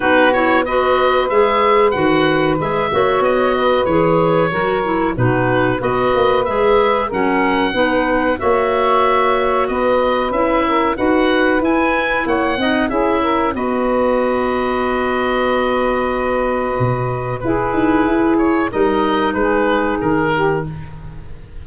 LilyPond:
<<
  \new Staff \with { instrumentName = "oboe" } { \time 4/4 \tempo 4 = 93 b'8 cis''8 dis''4 e''4 fis''4 | e''4 dis''4 cis''2 | b'4 dis''4 e''4 fis''4~ | fis''4 e''2 dis''4 |
e''4 fis''4 gis''4 fis''4 | e''4 dis''2.~ | dis''2. b'4~ | b'8 cis''8 dis''4 b'4 ais'4 | }
  \new Staff \with { instrumentName = "saxophone" } { \time 4/4 fis'4 b'2.~ | b'8 cis''4 b'4. ais'4 | fis'4 b'2 ais'4 | b'4 cis''2 b'4~ |
b'8 ais'8 b'2 cis''8 dis''8 | gis'8 ais'8 b'2.~ | b'2. gis'4~ | gis'4 ais'4 gis'4. g'8 | }
  \new Staff \with { instrumentName = "clarinet" } { \time 4/4 dis'8 e'8 fis'4 gis'4 fis'4 | gis'8 fis'4. gis'4 fis'8 e'8 | dis'4 fis'4 gis'4 cis'4 | dis'4 fis'2. |
e'4 fis'4 e'4. dis'8 | e'4 fis'2.~ | fis'2. e'4~ | e'4 dis'2. | }
  \new Staff \with { instrumentName = "tuba" } { \time 4/4 b2 gis4 dis4 | gis8 ais8 b4 e4 fis4 | b,4 b8 ais8 gis4 fis4 | b4 ais2 b4 |
cis'4 dis'4 e'4 ais8 c'8 | cis'4 b2.~ | b2 b,4 e'8 dis'8 | e'4 g4 gis4 dis4 | }
>>